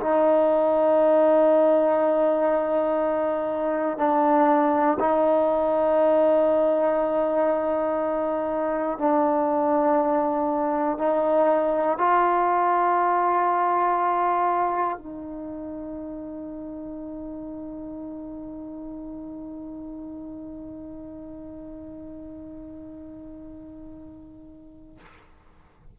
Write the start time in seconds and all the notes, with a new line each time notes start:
0.00 D#4
3.97 D4
4.99 D#4
8.98 D4
10.98 D#4
11.98 F4
14.98 D#4